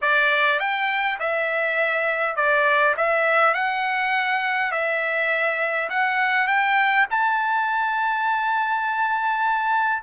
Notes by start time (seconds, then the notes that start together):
0.01 D5
0.59 G5
1.19 E5
2.36 D5
2.96 E5
3.53 F#5
4.71 E5
5.89 F#5
6.47 G5
7.10 A5